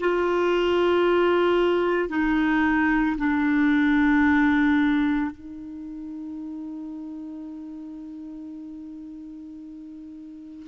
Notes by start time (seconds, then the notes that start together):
0.00 F4
2.09 D#4
3.18 D4
5.31 D#4